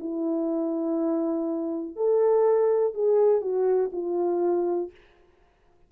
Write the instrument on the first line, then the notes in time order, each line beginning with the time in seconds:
horn
0.00 E4
1.96 A4
2.94 G#4
3.42 F#4
3.93 F4